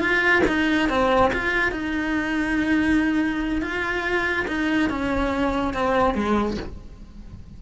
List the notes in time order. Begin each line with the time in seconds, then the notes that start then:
0.00 F4
0.47 D#4
0.90 C4
1.34 F4
1.72 D#4
3.62 F4
4.48 D#4
4.90 C#4
5.74 C4
6.15 G#3